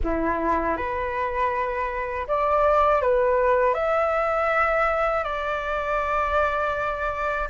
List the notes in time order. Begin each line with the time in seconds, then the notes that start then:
0.03 E4
0.76 B4
2.27 D5
3.01 B4
3.74 E5
5.23 D5